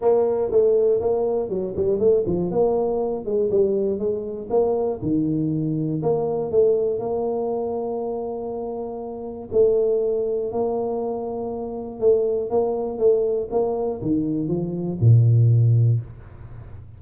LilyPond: \new Staff \with { instrumentName = "tuba" } { \time 4/4 \tempo 4 = 120 ais4 a4 ais4 fis8 g8 | a8 f8 ais4. gis8 g4 | gis4 ais4 dis2 | ais4 a4 ais2~ |
ais2. a4~ | a4 ais2. | a4 ais4 a4 ais4 | dis4 f4 ais,2 | }